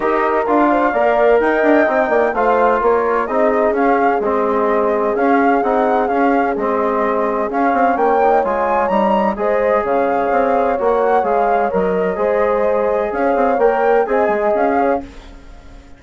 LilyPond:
<<
  \new Staff \with { instrumentName = "flute" } { \time 4/4 \tempo 4 = 128 dis''4 f''2 g''4~ | g''4 f''4 cis''4 dis''4 | f''4 dis''2 f''4 | fis''4 f''4 dis''2 |
f''4 g''4 gis''4 ais''4 | dis''4 f''2 fis''4 | f''4 dis''2. | f''4 g''4 gis''4 f''4 | }
  \new Staff \with { instrumentName = "horn" } { \time 4/4 ais'4. c''8 d''4 dis''4~ | dis''8 d''8 c''4 ais'4 gis'4~ | gis'1~ | gis'1~ |
gis'4 cis''2. | c''4 cis''2.~ | cis''2 c''2 | cis''2 dis''4. cis''8 | }
  \new Staff \with { instrumentName = "trombone" } { \time 4/4 g'4 f'4 ais'2 | dis'4 f'2 dis'4 | cis'4 c'2 cis'4 | dis'4 cis'4 c'2 |
cis'4. dis'8 f'4 dis'4 | gis'2. fis'4 | gis'4 ais'4 gis'2~ | gis'4 ais'4 gis'2 | }
  \new Staff \with { instrumentName = "bassoon" } { \time 4/4 dis'4 d'4 ais4 dis'8 d'8 | c'8 ais8 a4 ais4 c'4 | cis'4 gis2 cis'4 | c'4 cis'4 gis2 |
cis'8 c'8 ais4 gis4 g4 | gis4 cis4 c'4 ais4 | gis4 fis4 gis2 | cis'8 c'8 ais4 c'8 gis8 cis'4 | }
>>